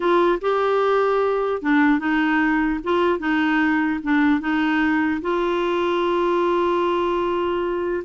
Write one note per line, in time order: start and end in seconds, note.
0.00 0.39 F4
0.41 1.62 G4
1.62 1.99 D4
1.99 2.79 D#4
2.83 3.19 F4
3.19 4.00 D#4
4.03 4.40 D4
4.40 5.21 D#4
5.21 8.03 F4